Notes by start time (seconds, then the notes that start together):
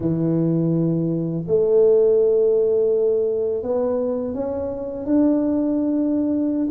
0.00 E3
1.47 A3
3.62 B3
4.34 C#4
5.05 D4